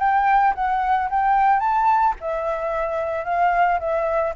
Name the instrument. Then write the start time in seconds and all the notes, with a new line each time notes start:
flute
0.00 G5
0.55 F#5
1.10 G5
1.60 A5
2.21 E5
3.25 F5
3.80 E5